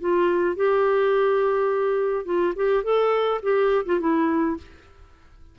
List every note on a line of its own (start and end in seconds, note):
0.00 0.56 F4
0.56 2.25 G4
2.25 2.54 F4
2.56 2.84 G4
2.84 3.41 A4
3.42 3.85 G4
3.86 4.00 F4
4.00 4.57 E4